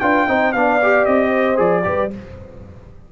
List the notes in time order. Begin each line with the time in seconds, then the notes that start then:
0.00 D4 F4 B4 G5
0.28 C4 D#4 C5
0.53 B3 D4 D5 F5
0.83 G4
1.05 C4 D#5
1.30 C5
1.56 F3 G#4 D5
1.84 G3 G4 B4